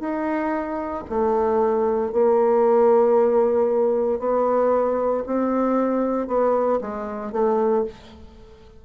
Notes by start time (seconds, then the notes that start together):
0.00 D#4
1.10 A3
2.12 A#3
4.19 B3
5.26 C4
6.28 B3
6.81 G#3
7.32 A3